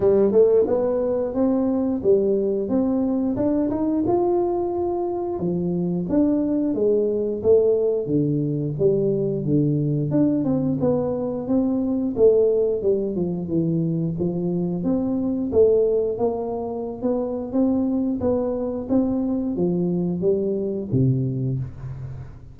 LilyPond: \new Staff \with { instrumentName = "tuba" } { \time 4/4 \tempo 4 = 89 g8 a8 b4 c'4 g4 | c'4 d'8 dis'8 f'2 | f4 d'4 gis4 a4 | d4 g4 d4 d'8 c'8 |
b4 c'4 a4 g8 f8 | e4 f4 c'4 a4 | ais4~ ais16 b8. c'4 b4 | c'4 f4 g4 c4 | }